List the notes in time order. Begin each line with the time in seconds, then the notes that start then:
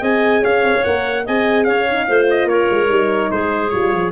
0.00 C4 G#4 D#5 G#5
0.41 C#4 C#5 F5
0.63 C4
0.75 C#4
0.82 A#3 A#4 F#5
1.25 C4 G#4 D#5 G#5
1.64 C#4 C#5 F5
1.90 D#4
2.06 A3 F4 C5
2.30 D#5
2.44 A#3 A#4 C#5
2.70 G#3
2.87 G3 D#4
3.31 G#3 G#4 C5
3.69 G3 F4 C#5
3.92 F3